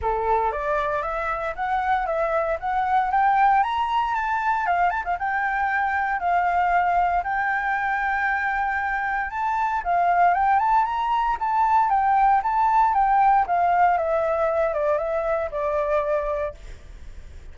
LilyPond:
\new Staff \with { instrumentName = "flute" } { \time 4/4 \tempo 4 = 116 a'4 d''4 e''4 fis''4 | e''4 fis''4 g''4 ais''4 | a''4 f''8 a''16 f''16 g''2 | f''2 g''2~ |
g''2 a''4 f''4 | g''8 a''8 ais''4 a''4 g''4 | a''4 g''4 f''4 e''4~ | e''8 d''8 e''4 d''2 | }